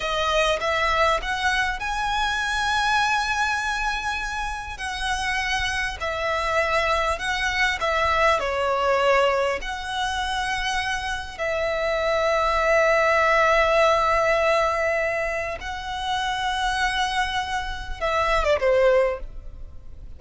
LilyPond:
\new Staff \with { instrumentName = "violin" } { \time 4/4 \tempo 4 = 100 dis''4 e''4 fis''4 gis''4~ | gis''1 | fis''2 e''2 | fis''4 e''4 cis''2 |
fis''2. e''4~ | e''1~ | e''2 fis''2~ | fis''2 e''8. d''16 c''4 | }